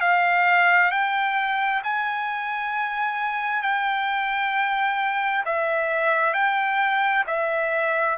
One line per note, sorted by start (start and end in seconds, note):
0.00 0.91 F5
0.91 1.82 G5
1.83 3.62 G#5
3.62 5.44 G5
5.45 6.33 E5
6.33 7.24 G5
7.26 8.17 E5